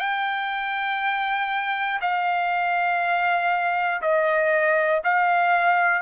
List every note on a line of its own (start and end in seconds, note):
0.00 2.00 G5
2.01 4.01 F5
4.02 5.02 D#5
5.05 6.02 F5